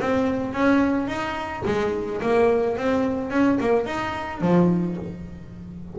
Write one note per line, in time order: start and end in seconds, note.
0.00 0.53 C4
0.53 1.07 C#4
1.07 1.63 D#4
1.65 2.21 G#3
2.21 2.77 A#3
2.77 3.30 C4
3.30 3.58 C#4
3.59 3.86 A#3
3.86 4.40 D#4
4.40 4.96 F3